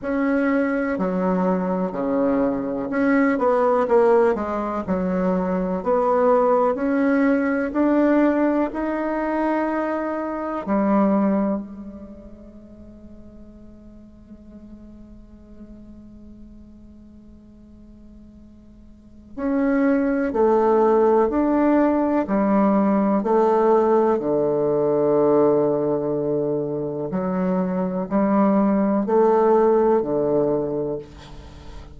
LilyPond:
\new Staff \with { instrumentName = "bassoon" } { \time 4/4 \tempo 4 = 62 cis'4 fis4 cis4 cis'8 b8 | ais8 gis8 fis4 b4 cis'4 | d'4 dis'2 g4 | gis1~ |
gis1 | cis'4 a4 d'4 g4 | a4 d2. | fis4 g4 a4 d4 | }